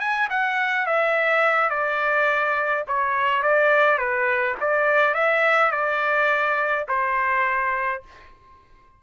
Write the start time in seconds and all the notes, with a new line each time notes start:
0.00 G#5
0.30 F#5
0.86 E5
1.70 D5
2.88 C#5
3.43 D5
3.98 B4
4.61 D5
5.15 E5
5.72 D5
6.89 C5